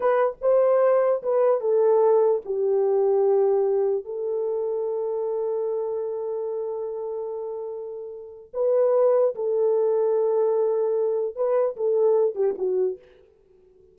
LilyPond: \new Staff \with { instrumentName = "horn" } { \time 4/4 \tempo 4 = 148 b'4 c''2 b'4 | a'2 g'2~ | g'2 a'2~ | a'1~ |
a'1~ | a'4 b'2 a'4~ | a'1 | b'4 a'4. g'8 fis'4 | }